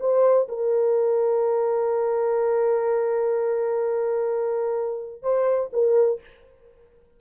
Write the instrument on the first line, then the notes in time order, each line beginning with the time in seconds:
horn
0.00 C5
0.48 A#4
5.22 C5
5.73 A#4